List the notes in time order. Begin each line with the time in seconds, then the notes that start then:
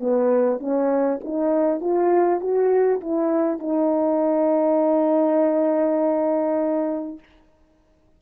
0.00 B3
0.59 C#4
1.24 D#4
1.80 F4
2.40 F#4
3.00 E4
3.59 D#4